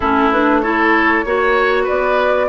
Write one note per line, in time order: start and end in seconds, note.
0.00 1.24 A3
0.00 0.32 C#4
0.00 0.61 E4
0.00 0.30 A4
0.31 0.63 D4
0.31 0.60 B4
0.60 1.25 E4
0.60 1.25 A4
0.60 1.85 C#5
1.24 1.87 A#3
1.24 2.48 F#4
1.24 1.83 C#5
1.83 2.46 B4
1.83 2.48 D5
1.90 2.48 B3